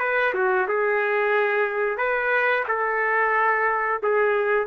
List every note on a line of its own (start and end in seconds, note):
0.00 0.33 B4
0.34 0.68 F#4
0.68 1.98 G#4
1.98 2.65 B4
2.68 4.02 A4
4.03 4.67 G#4